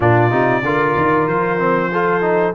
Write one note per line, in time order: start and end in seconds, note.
0.00 0.32 A#2
0.00 0.31 D4
0.00 0.63 F4
0.00 1.27 D5
0.31 0.62 C3
0.31 0.62 D#4
0.62 0.94 D3
0.62 1.58 F4
0.62 1.91 A#4
0.96 1.26 D#3
1.26 2.54 F3
1.26 2.55 C5
1.58 1.90 C4
1.91 2.21 F4
1.91 2.55 A4
2.21 2.53 D#4